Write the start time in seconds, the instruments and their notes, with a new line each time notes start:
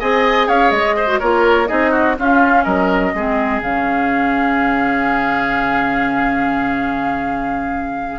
0.00 bassoon C4, clarinet G#4, oboe D#5, flute G#5
0.48 bassoon C#4, oboe C#5, flute F5
0.71 bassoon G#3, flute D#5
0.96 oboe C5
1.07 clarinet F#4
1.20 bassoon A#3, clarinet F4, oboe A#4, flute C#5
1.67 bassoon C4, clarinet D#4, oboe G#4, flute D#5
1.92 oboe F#4
2.19 bassoon C#4, clarinet C#4, oboe F4, flute F5
2.64 bassoon F#3, oboe A#4, flute D#5
3.14 bassoon G#3, clarinet C4, oboe G#4
3.62 bassoon C#3, clarinet C#4, flute F5